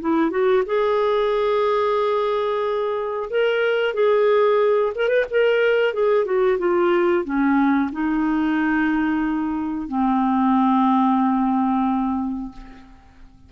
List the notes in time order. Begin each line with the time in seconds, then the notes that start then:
0.00 E4
0.30 F#4
0.65 G#4
3.29 A#4
3.94 G#4
4.95 A#4
5.08 B4
5.30 A#4
5.93 G#4
6.25 F#4
6.58 F4
7.24 C#4
7.92 D#4
9.88 C4